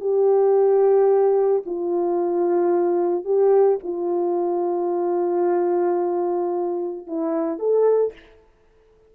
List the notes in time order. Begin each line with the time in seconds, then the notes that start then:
0.00 G4
1.65 F4
3.24 G4
3.83 F4
7.06 E4
7.58 A4